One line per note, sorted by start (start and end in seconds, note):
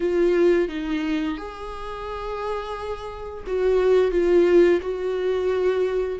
0.00 0.68 F4
0.68 1.37 D#4
1.37 3.44 G#4
3.46 4.11 F#4
4.11 4.80 F4
4.81 6.19 F#4